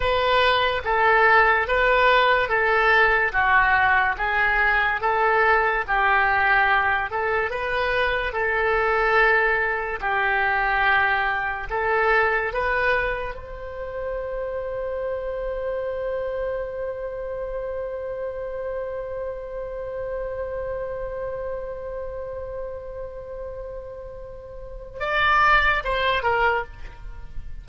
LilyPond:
\new Staff \with { instrumentName = "oboe" } { \time 4/4 \tempo 4 = 72 b'4 a'4 b'4 a'4 | fis'4 gis'4 a'4 g'4~ | g'8 a'8 b'4 a'2 | g'2 a'4 b'4 |
c''1~ | c''1~ | c''1~ | c''2 d''4 c''8 ais'8 | }